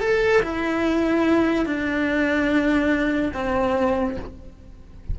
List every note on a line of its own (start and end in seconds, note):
0.00 0.42 A4
0.42 1.66 E4
1.66 3.32 D4
3.33 4.17 C4